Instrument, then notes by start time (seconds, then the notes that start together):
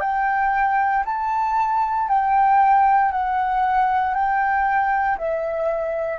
flute
0.00 G5
1.05 A5
2.08 G5
3.11 F#5
4.14 G5
5.18 E5